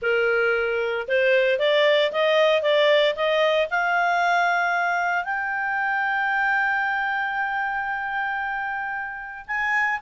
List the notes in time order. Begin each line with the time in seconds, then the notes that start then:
0.01 A#4
1.08 C5
1.59 D5
2.12 D#5
2.62 D5
3.15 D#5
3.70 F5
5.24 G5
9.47 G#5